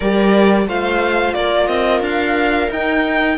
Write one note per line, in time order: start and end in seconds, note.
0.00 0.67 G3
0.00 0.68 G4
0.00 0.67 A#4
0.00 0.67 D5
0.67 1.34 A3
0.67 2.69 F4
0.67 1.35 C5
0.67 1.33 F5
1.33 1.68 A#3
1.33 3.37 A#4
1.33 1.66 D5
1.66 2.00 C4
1.66 2.00 D#5
2.00 2.68 D4
2.00 2.71 F5
2.69 3.37 D#4
2.69 3.37 G5